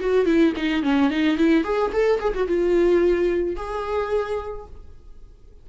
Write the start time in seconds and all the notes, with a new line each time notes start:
0.00 F#4
0.26 E4
0.57 D#4
0.83 C#4
1.10 D#4
1.37 E4
1.64 G#4
1.92 A4
2.20 G#4
2.34 F#4
2.48 F4
3.56 G#4